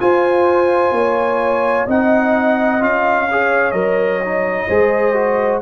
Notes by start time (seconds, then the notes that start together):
0.00 F4 C5 G#5
0.92 A#3 C#5
1.86 C4 D#4 D#5 F#5
2.80 C#4 F4 F5
3.29 G#4 C#5
3.71 F#3 A#4 D#5
4.24 D#4
4.67 G#3 G#4 C5
5.14 F#4